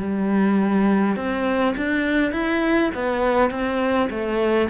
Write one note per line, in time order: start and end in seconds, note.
0.00 1.17 G3
1.17 1.75 C4
1.77 2.33 D4
2.33 2.91 E4
2.95 3.51 B3
3.51 4.10 C4
4.11 4.70 A3